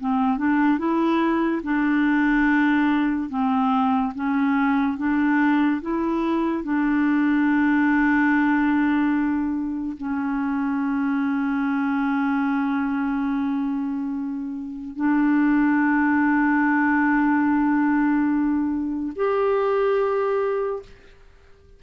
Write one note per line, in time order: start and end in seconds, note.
0.00 0.37 C4
0.37 0.78 D4
0.78 1.62 E4
1.63 3.30 D4
3.30 4.13 C4
4.15 4.98 C#4
4.98 5.81 D4
5.82 6.64 E4
6.64 9.97 D4
9.97 14.96 C#4
14.96 19.13 D4
19.16 20.82 G4